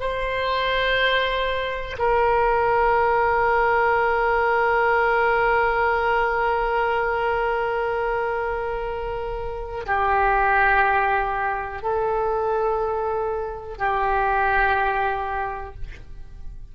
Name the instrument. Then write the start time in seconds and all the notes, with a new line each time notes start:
oboe
0.00 C5
1.99 A#4
9.86 G4
11.82 A4
13.77 G4